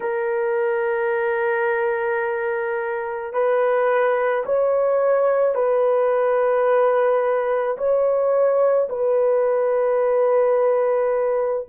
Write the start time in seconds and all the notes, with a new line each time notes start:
0.00 A#4
3.33 B4
4.45 C#5
5.55 B4
7.77 C#5
8.89 B4